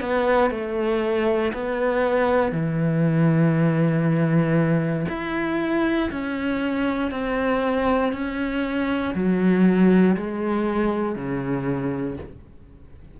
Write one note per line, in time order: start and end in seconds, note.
0.00 0.50 B3
0.50 1.52 A3
1.53 2.51 B3
2.51 5.06 E3
5.08 6.10 E4
6.11 7.11 C#4
7.11 8.13 C4
8.13 9.14 C#4
9.14 10.16 F#3
10.16 11.15 G#3
11.15 12.17 C#3